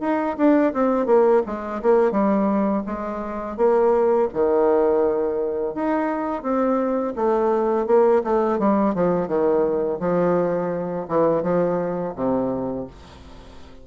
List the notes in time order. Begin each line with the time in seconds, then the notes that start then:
0.00 D#4
0.37 D4
0.73 C4
1.06 A#3
1.45 G#3
1.82 A#3
2.11 G3
2.86 G#3
3.56 A#3
4.33 D#3
5.74 D#4
6.42 C4
7.15 A3
7.86 A#3
8.23 A3
8.58 G3
8.94 F3
9.27 D#3
9.99 F3
11.08 E3
11.42 F3
12.15 C3